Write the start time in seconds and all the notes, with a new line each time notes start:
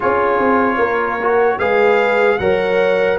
0.00 C#4 F4 G#4 C#5
0.39 C4
0.77 A#3 A#4
1.22 F#4
1.58 G#3 G#4 B4 F5
2.38 F#3 A#4 C#5 F#5